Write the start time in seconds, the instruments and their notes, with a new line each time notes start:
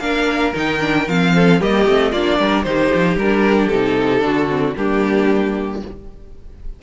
0.00 cello A#3, viola D4, violin A#4 F5
0.54 cello D#3, viola D#4, violin G5
0.80 viola D4
1.08 cello F3, viola C4, violin F5
1.35 violin A4
1.60 cello G3, viola A#3, violin G4 D#5
1.86 cello A3, viola C4
2.12 cello A#3, viola D4, violin F4 D5
2.39 cello G3, violin A#4
2.63 cello D#3, viola D#4, violin G4 C5
2.95 cello F3
3.16 cello G3, viola D4, violin A#4
3.67 cello C3, viola D#4, violin A4
4.21 cello D3, viola D4, violin F#4
4.49 viola C4
4.77 cello G3, viola A#3, violin D4 G4